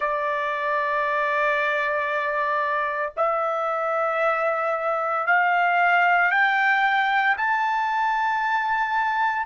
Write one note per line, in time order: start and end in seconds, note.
0.00 3.12 D5
3.16 5.26 E5
5.26 6.31 F5
6.31 7.36 G5
7.37 9.46 A5